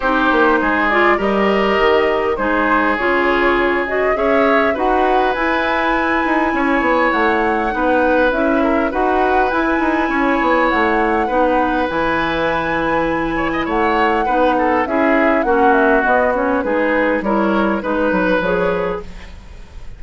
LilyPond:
<<
  \new Staff \with { instrumentName = "flute" } { \time 4/4 \tempo 4 = 101 c''4. d''8 dis''2 | c''4 cis''4. dis''8 e''4 | fis''4 gis''2. | fis''2 e''4 fis''4 |
gis''2 fis''2 | gis''2. fis''4~ | fis''4 e''4 fis''8 e''8 dis''8 cis''8 | b'4 cis''4 b'4 cis''4 | }
  \new Staff \with { instrumentName = "oboe" } { \time 4/4 g'4 gis'4 ais'2 | gis'2. cis''4 | b'2. cis''4~ | cis''4 b'4. ais'8 b'4~ |
b'4 cis''2 b'4~ | b'2~ b'8 cis''16 dis''16 cis''4 | b'8 a'8 gis'4 fis'2 | gis'4 ais'4 b'2 | }
  \new Staff \with { instrumentName = "clarinet" } { \time 4/4 dis'4. f'8 g'2 | dis'4 f'4. fis'8 gis'4 | fis'4 e'2.~ | e'4 dis'4 e'4 fis'4 |
e'2. dis'4 | e'1 | dis'4 e'4 cis'4 b8 cis'8 | dis'4 e'4 dis'4 gis'4 | }
  \new Staff \with { instrumentName = "bassoon" } { \time 4/4 c'8 ais8 gis4 g4 dis4 | gis4 cis2 cis'4 | dis'4 e'4. dis'8 cis'8 b8 | a4 b4 cis'4 dis'4 |
e'8 dis'8 cis'8 b8 a4 b4 | e2. a4 | b4 cis'4 ais4 b4 | gis4 g4 gis8 fis8 f4 | }
>>